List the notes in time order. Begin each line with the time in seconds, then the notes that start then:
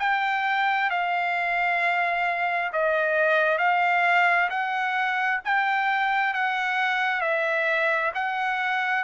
0.00 G5
0.90 F5
2.73 D#5
3.59 F5
4.50 F#5
5.45 G5
6.34 F#5
7.21 E5
8.15 F#5